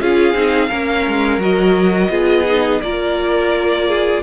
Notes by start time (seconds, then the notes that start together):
0.00 C#4 F4 G#4 F5
0.34 C4 D#4
0.69 A#3 C#4 A#4
1.07 G#3
1.38 F#3 F#4 D#5
2.09 B3 F4 G#4
2.46 D#4
2.81 A#3 F4 A#4 D5
3.88 G#4